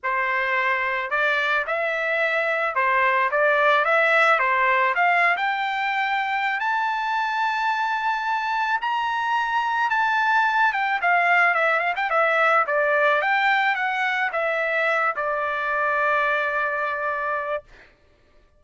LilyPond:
\new Staff \with { instrumentName = "trumpet" } { \time 4/4 \tempo 4 = 109 c''2 d''4 e''4~ | e''4 c''4 d''4 e''4 | c''4 f''8. g''2~ g''16 | a''1 |
ais''2 a''4. g''8 | f''4 e''8 f''16 g''16 e''4 d''4 | g''4 fis''4 e''4. d''8~ | d''1 | }